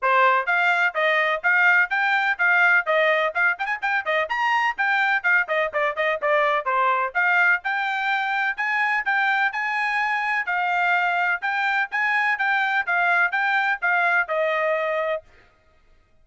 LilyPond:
\new Staff \with { instrumentName = "trumpet" } { \time 4/4 \tempo 4 = 126 c''4 f''4 dis''4 f''4 | g''4 f''4 dis''4 f''8 g''16 gis''16 | g''8 dis''8 ais''4 g''4 f''8 dis''8 | d''8 dis''8 d''4 c''4 f''4 |
g''2 gis''4 g''4 | gis''2 f''2 | g''4 gis''4 g''4 f''4 | g''4 f''4 dis''2 | }